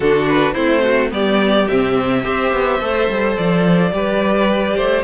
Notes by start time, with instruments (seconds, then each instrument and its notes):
0.00 cello D3, viola D4, violin F#4 A4
0.29 violin B4
0.53 cello A3, viola C4, violin E4 C5
0.83 violin F#4
1.10 cello G3, viola B3, violin G4 D5
1.67 cello C3, viola C4, violin E5
2.23 cello C4, viola G4, violin C5
2.52 cello B3
2.79 cello A3, viola A4
3.08 cello G3
3.36 cello F3, violin D5
3.91 cello G3, viola G4, violin B4
4.76 cello A3, violin C5